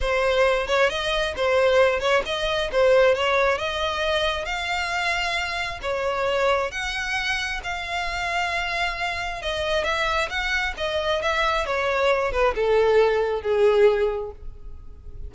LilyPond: \new Staff \with { instrumentName = "violin" } { \time 4/4 \tempo 4 = 134 c''4. cis''8 dis''4 c''4~ | c''8 cis''8 dis''4 c''4 cis''4 | dis''2 f''2~ | f''4 cis''2 fis''4~ |
fis''4 f''2.~ | f''4 dis''4 e''4 fis''4 | dis''4 e''4 cis''4. b'8 | a'2 gis'2 | }